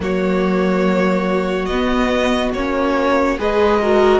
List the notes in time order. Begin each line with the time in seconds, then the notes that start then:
0.00 F#3 A#3 F#4 C#5
1.65 B3 D#5
1.71 B3
2.53 A#3 C#4 C#5
3.38 G#3 G#4 B4 D#5
3.81 F#4 A#4